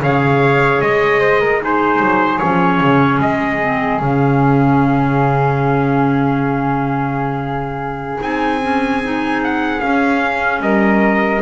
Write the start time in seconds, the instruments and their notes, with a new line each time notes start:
0.00 double bass C#3, clarinet G#4, flute C#5, trumpet F5
0.81 double bass G#3, trumpet D#5
1.20 flute C5
1.40 flute A#4
1.60 clarinet D#4, flute G#4, trumpet C5
2.00 double bass F#3
2.38 double bass F3, clarinet C#4, trumpet C#5
2.80 double bass C#3
3.19 double bass G#3, trumpet D#5
3.61 clarinet C4
3.99 double bass C#3, clarinet C#4, trumpet F5
8.20 double bass C4, clarinet D#4, trumpet G#5
8.61 clarinet C#4
9.03 clarinet D#4
9.44 trumpet F#5
9.80 clarinet C#4, double bass C#4, trumpet F5
10.60 double bass G3, flute A#4, trumpet D#5